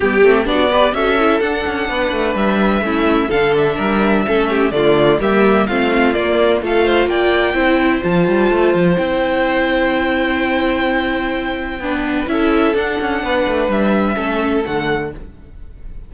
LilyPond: <<
  \new Staff \with { instrumentName = "violin" } { \time 4/4 \tempo 4 = 127 g'4 d''4 e''4 fis''4~ | fis''4 e''2 f''8 e''8~ | e''2 d''4 e''4 | f''4 d''4 f''4 g''4~ |
g''4 a''2 g''4~ | g''1~ | g''2 e''4 fis''4~ | fis''4 e''2 fis''4 | }
  \new Staff \with { instrumentName = "violin" } { \time 4/4 g'4 fis'8 b'8 a'2 | b'2 e'4 a'4 | ais'4 a'8 g'8 f'4 g'4 | f'2 a'8 c''8 d''4 |
c''1~ | c''1~ | c''4 b'4 a'2 | b'2 a'2 | }
  \new Staff \with { instrumentName = "viola" } { \time 4/4 b8 c'8 d'8 g'8 fis'8 e'8 d'4~ | d'2 cis'4 d'4~ | d'4 cis'4 a4 ais4 | c'4 ais4 f'2 |
e'4 f'2 e'4~ | e'1~ | e'4 d'4 e'4 d'4~ | d'2 cis'4 a4 | }
  \new Staff \with { instrumentName = "cello" } { \time 4/4 g8 a8 b4 cis'4 d'8 cis'8 | b8 a8 g4 a4 d4 | g4 a4 d4 g4 | a4 ais4 a4 ais4 |
c'4 f8 g8 a8 f8 c'4~ | c'1~ | c'4 b4 cis'4 d'8 cis'8 | b8 a8 g4 a4 d4 | }
>>